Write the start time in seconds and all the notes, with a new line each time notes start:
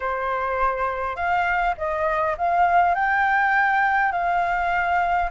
0.00 C5
1.16 F5
1.77 D#5
2.37 F5
2.94 G5
4.12 F5